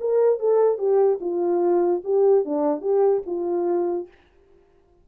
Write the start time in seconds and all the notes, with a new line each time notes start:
0.00 A#4
0.39 A4
0.78 G4
1.20 F4
2.04 G4
2.45 D4
2.81 G4
3.26 F4